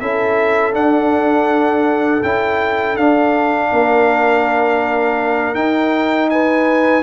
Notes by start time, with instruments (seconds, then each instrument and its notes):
0.00 tuba C#4, trombone E4, horn A4, trumpet E5
0.73 trombone D4, tuba D4, trumpet F#5
2.23 tuba C#4, trombone E4, trumpet G5
2.97 tuba D4, trombone D4, trumpet F5
3.71 tuba A#3, horn A#4
5.55 tuba D#4, trombone D#4, trumpet G5
6.30 horn B4, trumpet G#5